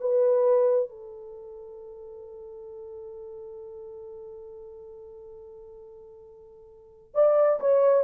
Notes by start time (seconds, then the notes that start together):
0.00 B4
0.89 A4
7.14 D5
7.60 C#5